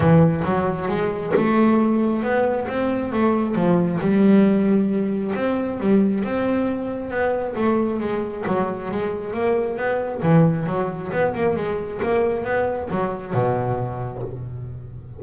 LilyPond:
\new Staff \with { instrumentName = "double bass" } { \time 4/4 \tempo 4 = 135 e4 fis4 gis4 a4~ | a4 b4 c'4 a4 | f4 g2. | c'4 g4 c'2 |
b4 a4 gis4 fis4 | gis4 ais4 b4 e4 | fis4 b8 ais8 gis4 ais4 | b4 fis4 b,2 | }